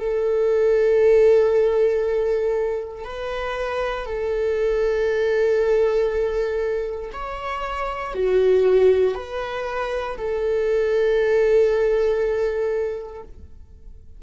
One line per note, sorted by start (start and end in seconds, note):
0.00 3.05 A4
3.05 4.06 B4
4.06 7.11 A4
7.13 8.14 C#5
8.14 9.15 F#4
9.15 10.17 B4
10.18 13.23 A4